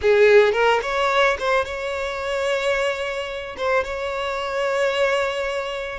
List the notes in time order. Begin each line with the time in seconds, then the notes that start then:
0.01 G#4
0.52 A#4
0.82 C#5
1.39 C5
1.65 C#5
3.57 C5
3.84 C#5